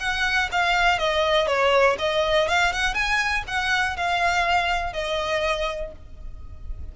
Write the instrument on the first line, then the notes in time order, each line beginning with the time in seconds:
violin
0.00 F#5
0.52 F5
0.99 D#5
1.47 C#5
1.99 D#5
2.48 F5
2.73 F#5
2.95 G#5
3.48 F#5
3.97 F5
4.93 D#5